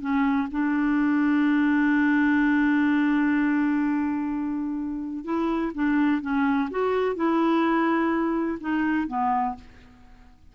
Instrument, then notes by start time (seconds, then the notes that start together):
clarinet
0.00 C#4
0.51 D4
5.24 E4
5.74 D4
6.21 C#4
6.70 F#4
7.15 E4
8.60 D#4
9.07 B3